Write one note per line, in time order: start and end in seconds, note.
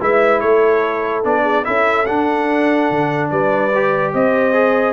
0.00 0.42 G#3
0.00 1.24 E4
0.00 0.41 B4
0.00 0.40 E5
0.40 1.24 A3
0.40 1.43 A4
0.40 1.23 C#5
1.24 1.66 B3
1.24 1.64 D4
1.24 1.65 D5
1.43 1.63 G#4
1.64 2.08 C#4
1.64 2.06 E4
1.64 3.31 A4
1.64 2.06 E5
2.06 3.72 D4
2.06 2.90 D4
2.06 3.30 F#5
2.90 3.31 D3
3.30 4.14 G3
3.30 4.13 B4
3.30 4.13 D5
3.75 4.53 G4
4.13 4.93 C4
4.13 4.93 C5
4.13 4.93 D#5
4.53 4.93 G#4